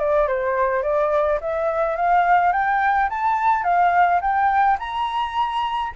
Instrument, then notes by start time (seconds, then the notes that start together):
flute
0.00 D5
0.28 C5
0.84 D5
1.41 E5
1.97 F5
2.53 G5
3.10 A5
3.64 F5
4.22 G5
4.80 A#5